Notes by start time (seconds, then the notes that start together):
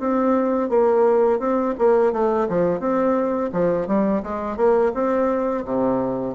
0.00 C4
0.69 A#3
1.39 C4
1.79 A#3
2.13 A3
2.49 F3
2.80 C4
3.53 F3
3.88 G3
4.23 G#3
4.57 A#3
4.94 C4
5.65 C3